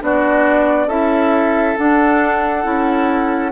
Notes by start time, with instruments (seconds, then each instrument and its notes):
0.00 bassoon B3, clarinet D4, oboe F#4, flute D5
0.87 bassoon C#4, clarinet E4, oboe A4, flute E5
1.77 clarinet D4, bassoon D4, flute F#5
2.63 bassoon C#4, clarinet E4